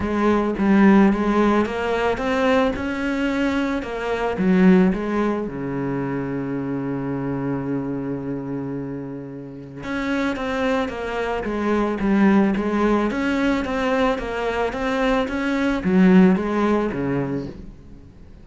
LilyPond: \new Staff \with { instrumentName = "cello" } { \time 4/4 \tempo 4 = 110 gis4 g4 gis4 ais4 | c'4 cis'2 ais4 | fis4 gis4 cis2~ | cis1~ |
cis2 cis'4 c'4 | ais4 gis4 g4 gis4 | cis'4 c'4 ais4 c'4 | cis'4 fis4 gis4 cis4 | }